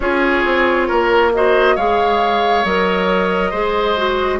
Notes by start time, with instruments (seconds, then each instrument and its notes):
0.00 bassoon C#4, clarinet F4, oboe G#4, flute C#5
0.44 bassoon C4
0.87 bassoon A#3, oboe A#4
1.33 clarinet F#4, oboe C5, flute D#5
1.75 bassoon G#3, clarinet G#4, oboe C#5, flute F5
2.64 bassoon F#3, clarinet A#4, flute D#5
3.50 bassoon G#3, clarinet G#4, oboe C5
3.96 clarinet F#4